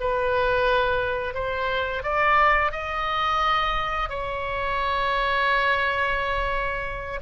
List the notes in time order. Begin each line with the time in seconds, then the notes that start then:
0.00 B4
1.34 C5
2.03 D5
2.72 D#5
4.09 C#5